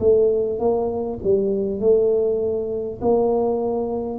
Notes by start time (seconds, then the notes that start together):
0.00 A3
0.59 A#3
1.24 G3
1.80 A3
3.02 A#3